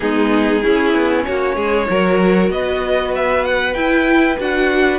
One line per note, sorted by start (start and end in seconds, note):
0.00 0.64 G#3
0.00 0.62 B3
0.00 0.63 D#4
0.00 1.23 G#4
0.62 1.87 C#4
0.62 0.93 C#4
0.62 1.25 E4
0.93 1.24 B3
1.24 1.56 A#3
1.24 1.55 F#4
1.24 2.49 C#5
1.55 1.87 G#3
1.55 1.86 G#4
1.87 2.49 F#3
1.87 3.74 F#4
1.87 2.52 A#4
2.49 3.74 B3
2.49 4.98 B4
2.49 3.14 D#5
3.15 3.44 E5
3.44 3.73 F#5
3.73 4.37 E4
3.73 4.38 E4
3.73 4.36 G5
4.39 4.98 D4
4.39 4.98 F#4
4.39 4.98 F#5